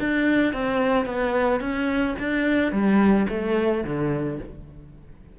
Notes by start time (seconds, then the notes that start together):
0.00 D4
0.54 C4
1.06 B3
1.60 C#4
2.19 D4
2.72 G3
3.29 A3
3.85 D3